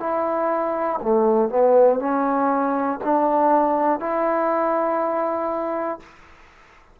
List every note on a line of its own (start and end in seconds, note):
0.00 1.00 E4
1.02 1.50 A3
1.50 2.00 B3
2.00 3.00 C#4
3.04 4.00 D4
4.00 6.00 E4